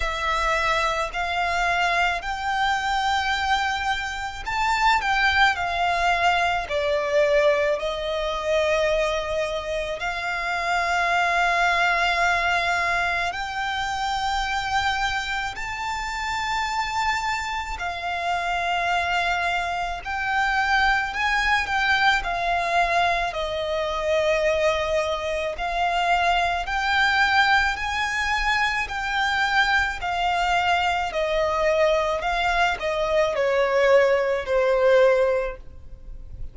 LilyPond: \new Staff \with { instrumentName = "violin" } { \time 4/4 \tempo 4 = 54 e''4 f''4 g''2 | a''8 g''8 f''4 d''4 dis''4~ | dis''4 f''2. | g''2 a''2 |
f''2 g''4 gis''8 g''8 | f''4 dis''2 f''4 | g''4 gis''4 g''4 f''4 | dis''4 f''8 dis''8 cis''4 c''4 | }